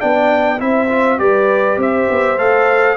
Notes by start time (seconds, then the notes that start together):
0.00 B3 D4 D5 G5
0.59 C4 E4 C5 E5
0.89 F4
1.19 G3 G4 B4 D5
1.77 C4 C5 E5
2.10 B3
2.38 A3 A4 F5